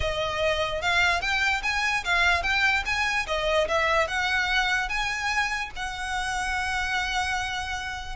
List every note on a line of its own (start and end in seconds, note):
0.00 0.81 D#5
0.81 1.21 F5
1.21 1.61 G5
1.63 2.03 G#5
2.04 2.42 F5
2.42 2.83 G5
2.85 3.26 G#5
3.26 3.67 D#5
3.68 4.07 E5
4.07 4.88 F#5
4.88 5.70 G#5
5.76 8.16 F#5